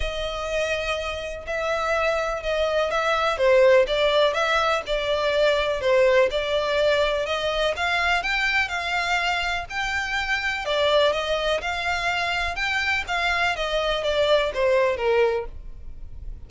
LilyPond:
\new Staff \with { instrumentName = "violin" } { \time 4/4 \tempo 4 = 124 dis''2. e''4~ | e''4 dis''4 e''4 c''4 | d''4 e''4 d''2 | c''4 d''2 dis''4 |
f''4 g''4 f''2 | g''2 d''4 dis''4 | f''2 g''4 f''4 | dis''4 d''4 c''4 ais'4 | }